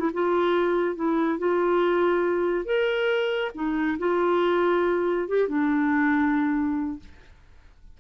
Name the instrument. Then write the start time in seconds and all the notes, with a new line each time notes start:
clarinet
0.00 E4
0.13 F4
0.96 E4
1.39 F4
2.65 A#4
3.55 D#4
3.99 F4
5.28 G4
5.48 D4